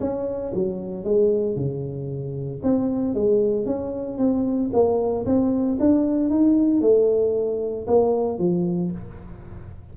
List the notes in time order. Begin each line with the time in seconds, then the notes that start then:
0.00 C#4
0.54 F#3
1.04 G#3
1.56 C#3
2.63 C4
3.14 G#3
3.66 C#4
4.18 C4
4.73 A#3
5.26 C4
5.80 D4
6.30 D#4
6.81 A3
7.87 A#3
8.39 F3